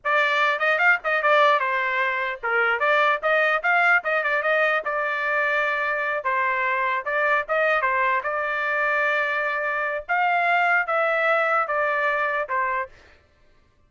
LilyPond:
\new Staff \with { instrumentName = "trumpet" } { \time 4/4 \tempo 4 = 149 d''4. dis''8 f''8 dis''8 d''4 | c''2 ais'4 d''4 | dis''4 f''4 dis''8 d''8 dis''4 | d''2.~ d''8 c''8~ |
c''4. d''4 dis''4 c''8~ | c''8 d''2.~ d''8~ | d''4 f''2 e''4~ | e''4 d''2 c''4 | }